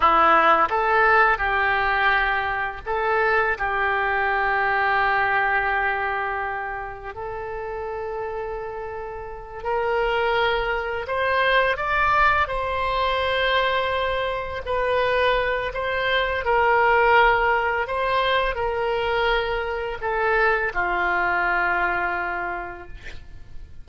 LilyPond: \new Staff \with { instrumentName = "oboe" } { \time 4/4 \tempo 4 = 84 e'4 a'4 g'2 | a'4 g'2.~ | g'2 a'2~ | a'4. ais'2 c''8~ |
c''8 d''4 c''2~ c''8~ | c''8 b'4. c''4 ais'4~ | ais'4 c''4 ais'2 | a'4 f'2. | }